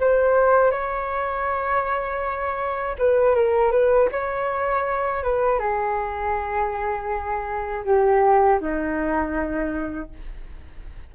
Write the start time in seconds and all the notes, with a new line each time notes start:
0.00 C5
0.71 C#5
2.98 B4
3.35 A#4
3.72 B4
4.11 C#5
5.23 B4
5.59 G#4
7.85 G4
8.60 D#4